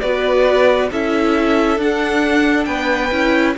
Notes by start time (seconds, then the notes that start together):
0.00 B3 F#4 B4 D5
0.91 C#4 E4 A4 E5
1.77 D4 F#5
2.65 B3 B4 G5
3.11 C#4 E4